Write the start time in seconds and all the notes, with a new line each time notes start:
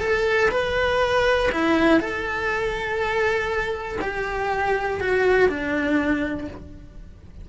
0.00 A4
0.51 B4
1.52 E4
2.00 A4
4.01 G4
5.00 F#4
5.49 D4